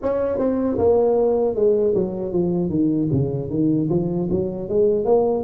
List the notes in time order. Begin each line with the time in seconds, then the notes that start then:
0.02 C#4
0.38 C4
0.78 A#3
1.55 G#3
1.94 F#3
2.32 F3
2.69 D#3
3.12 C#3
3.49 D#3
3.89 F3
4.30 F#3
4.69 G#3
5.04 A#3